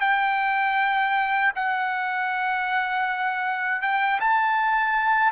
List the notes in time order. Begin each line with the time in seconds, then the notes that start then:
0.00 G5
1.55 F#5
3.81 G5
4.20 A5